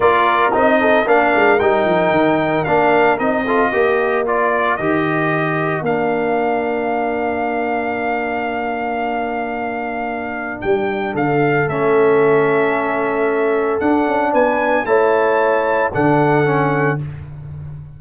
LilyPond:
<<
  \new Staff \with { instrumentName = "trumpet" } { \time 4/4 \tempo 4 = 113 d''4 dis''4 f''4 g''4~ | g''4 f''4 dis''2 | d''4 dis''2 f''4~ | f''1~ |
f''1 | g''4 f''4 e''2~ | e''2 fis''4 gis''4 | a''2 fis''2 | }
  \new Staff \with { instrumentName = "horn" } { \time 4/4 ais'4. a'8 ais'2~ | ais'2~ ais'8 a'8 ais'4~ | ais'1~ | ais'1~ |
ais'1~ | ais'4 a'2.~ | a'2. b'4 | cis''2 a'2 | }
  \new Staff \with { instrumentName = "trombone" } { \time 4/4 f'4 dis'4 d'4 dis'4~ | dis'4 d'4 dis'8 f'8 g'4 | f'4 g'2 d'4~ | d'1~ |
d'1~ | d'2 cis'2~ | cis'2 d'2 | e'2 d'4 cis'4 | }
  \new Staff \with { instrumentName = "tuba" } { \time 4/4 ais4 c'4 ais8 gis8 g8 f8 | dis4 ais4 c'4 ais4~ | ais4 dis2 ais4~ | ais1~ |
ais1 | g4 d4 a2~ | a2 d'8 cis'8 b4 | a2 d2 | }
>>